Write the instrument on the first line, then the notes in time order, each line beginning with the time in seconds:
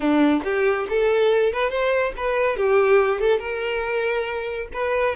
violin
0.00 D4
0.44 G4
0.89 A4
1.52 B4
1.69 C5
2.16 B4
2.56 G4
3.19 A4
3.39 A#4
4.73 B4